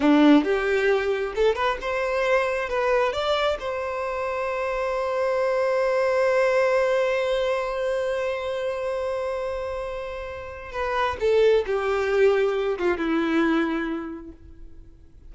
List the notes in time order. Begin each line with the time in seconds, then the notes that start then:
0.00 D4
0.44 G4
1.35 A4
1.55 B4
1.81 C5
2.69 B4
3.12 D5
3.59 C5
10.72 B4
11.20 A4
11.66 G4
12.78 F4
12.97 E4